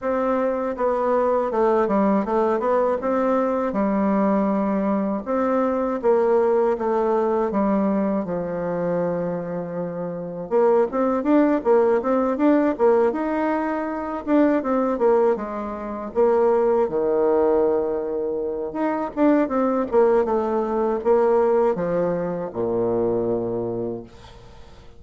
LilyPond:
\new Staff \with { instrumentName = "bassoon" } { \time 4/4 \tempo 4 = 80 c'4 b4 a8 g8 a8 b8 | c'4 g2 c'4 | ais4 a4 g4 f4~ | f2 ais8 c'8 d'8 ais8 |
c'8 d'8 ais8 dis'4. d'8 c'8 | ais8 gis4 ais4 dis4.~ | dis4 dis'8 d'8 c'8 ais8 a4 | ais4 f4 ais,2 | }